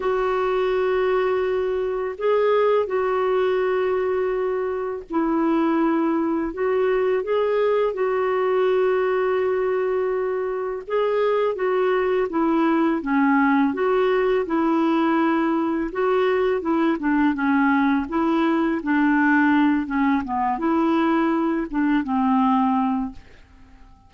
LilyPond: \new Staff \with { instrumentName = "clarinet" } { \time 4/4 \tempo 4 = 83 fis'2. gis'4 | fis'2. e'4~ | e'4 fis'4 gis'4 fis'4~ | fis'2. gis'4 |
fis'4 e'4 cis'4 fis'4 | e'2 fis'4 e'8 d'8 | cis'4 e'4 d'4. cis'8 | b8 e'4. d'8 c'4. | }